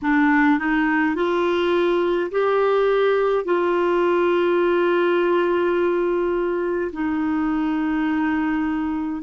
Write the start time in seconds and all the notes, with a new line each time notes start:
0.02 D4
0.58 D#4
1.15 F4
2.31 G4
3.45 F4
6.92 D#4